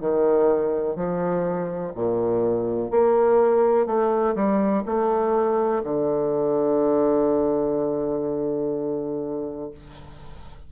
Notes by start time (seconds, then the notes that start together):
0.00 D#3
0.96 F3
1.95 A#2
2.91 A#3
3.86 A3
4.35 G3
4.86 A3
5.84 D3